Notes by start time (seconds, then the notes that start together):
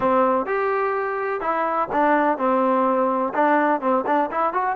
0.00 C4
0.46 G4
1.40 E4
1.92 D4
2.37 C4
3.34 D4
3.80 C4
4.06 D4
4.31 E4
4.53 F#4